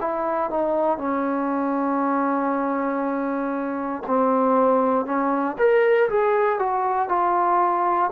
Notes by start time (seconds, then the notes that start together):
0.00 E4
0.50 D#4
0.98 C#4
4.07 C4
5.05 C#4
5.58 A#4
6.09 G#4
6.59 F#4
7.09 F4